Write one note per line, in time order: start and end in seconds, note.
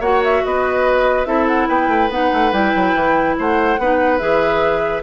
0.00 0.42 A#3
0.00 1.26 F#4
0.00 0.42 C#5
0.00 0.23 F#5
0.24 0.45 E5
0.45 1.26 B3
0.45 1.28 B4
0.45 1.26 D#5
1.26 1.68 C4
1.26 2.10 E4
1.26 1.68 A4
1.26 1.47 E5
1.47 1.68 F#5
1.68 1.88 B3
1.68 3.36 B4
1.68 2.11 G5
1.88 2.09 A3
2.09 2.30 B3
2.09 2.52 D#4
2.09 2.53 F#5
2.33 2.52 A3
2.52 2.73 G3
2.52 3.78 E4
2.52 3.37 G5
2.75 2.95 F#3
2.95 3.37 E3
3.38 3.78 A3
3.38 3.80 C5
3.38 4.18 F#5
3.78 4.20 B3
3.78 4.20 D#4
3.78 5.03 B4
4.18 5.03 E3
4.18 5.03 G#4
4.18 5.02 E5